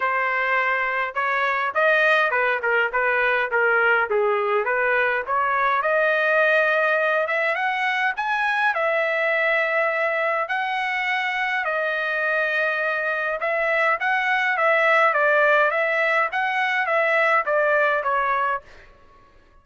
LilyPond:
\new Staff \with { instrumentName = "trumpet" } { \time 4/4 \tempo 4 = 103 c''2 cis''4 dis''4 | b'8 ais'8 b'4 ais'4 gis'4 | b'4 cis''4 dis''2~ | dis''8 e''8 fis''4 gis''4 e''4~ |
e''2 fis''2 | dis''2. e''4 | fis''4 e''4 d''4 e''4 | fis''4 e''4 d''4 cis''4 | }